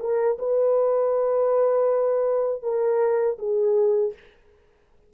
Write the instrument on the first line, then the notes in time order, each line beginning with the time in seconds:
horn
0.00 A#4
0.39 B4
2.63 A#4
3.39 G#4